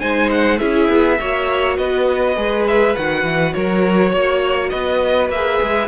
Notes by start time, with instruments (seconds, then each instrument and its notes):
0.00 cello G#3, viola D#4, violin C5 G#5
0.32 violin F#5
0.59 cello C#4, viola E4, violin G#4 E5
0.89 cello B3
1.20 cello A#3, viola F#4, violin C#5
1.77 cello B3, violin B4 D#5
2.37 cello G#3, viola G#4
2.68 violin E5
2.96 cello D#3, viola F#4, violin F#5
3.24 cello E3
3.54 cello F#3, violin A#4 C#5
4.11 cello A#3, violin C#5
4.70 cello B3, violin B4 D#5
5.30 cello A#3, viola G#4, violin E5
5.63 cello G#3